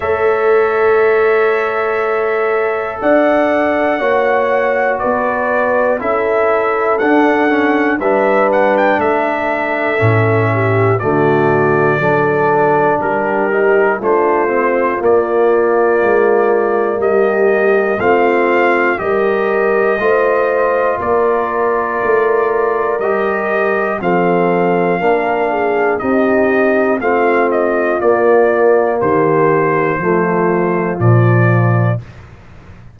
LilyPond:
<<
  \new Staff \with { instrumentName = "trumpet" } { \time 4/4 \tempo 4 = 60 e''2. fis''4~ | fis''4 d''4 e''4 fis''4 | e''8 fis''16 g''16 e''2 d''4~ | d''4 ais'4 c''4 d''4~ |
d''4 dis''4 f''4 dis''4~ | dis''4 d''2 dis''4 | f''2 dis''4 f''8 dis''8 | d''4 c''2 d''4 | }
  \new Staff \with { instrumentName = "horn" } { \time 4/4 cis''2. d''4 | cis''4 b'4 a'2 | b'4 a'4. g'8 fis'4 | a'4 g'4 f'2~ |
f'4 g'4 f'4 ais'4 | c''4 ais'2. | a'4 ais'8 gis'8 g'4 f'4~ | f'4 g'4 f'2 | }
  \new Staff \with { instrumentName = "trombone" } { \time 4/4 a'1 | fis'2 e'4 d'8 cis'8 | d'2 cis'4 a4 | d'4. dis'8 d'8 c'8 ais4~ |
ais2 c'4 g'4 | f'2. g'4 | c'4 d'4 dis'4 c'4 | ais2 a4 f4 | }
  \new Staff \with { instrumentName = "tuba" } { \time 4/4 a2. d'4 | ais4 b4 cis'4 d'4 | g4 a4 a,4 d4 | fis4 g4 a4 ais4 |
gis4 g4 a4 g4 | a4 ais4 a4 g4 | f4 ais4 c'4 a4 | ais4 dis4 f4 ais,4 | }
>>